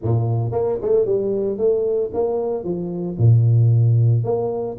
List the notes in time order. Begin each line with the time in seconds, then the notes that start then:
0.02 A#2
0.51 A#3
0.81 A3
1.05 G3
1.57 A3
2.13 A#3
2.64 F3
3.18 A#2
4.24 A#3